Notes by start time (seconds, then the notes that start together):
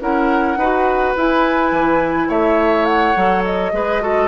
0.00 C#4 E4 A#4 F#5
0.57 D#4 F#4 B4
1.16 E4 G#5
1.72 E3
2.29 A3 C#5 E5
2.85 F#5
3.16 F#3 A4
3.45 D#5
3.72 G#3 G#4 B4
4.01 F#4 A4